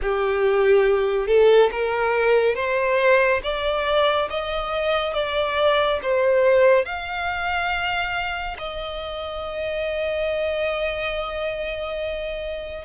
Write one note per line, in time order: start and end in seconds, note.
0.02 1.27 G4
1.27 1.69 A4
1.71 2.55 A#4
2.55 3.41 C5
3.43 4.29 D5
4.29 5.14 D#5
5.14 5.99 D5
6.02 6.85 C5
6.85 8.56 F5
8.58 12.85 D#5